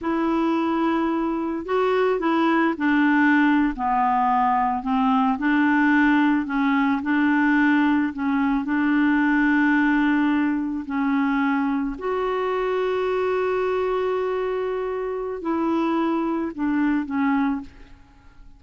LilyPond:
\new Staff \with { instrumentName = "clarinet" } { \time 4/4 \tempo 4 = 109 e'2. fis'4 | e'4 d'4.~ d'16 b4~ b16~ | b8. c'4 d'2 cis'16~ | cis'8. d'2 cis'4 d'16~ |
d'2.~ d'8. cis'16~ | cis'4.~ cis'16 fis'2~ fis'16~ | fis'1 | e'2 d'4 cis'4 | }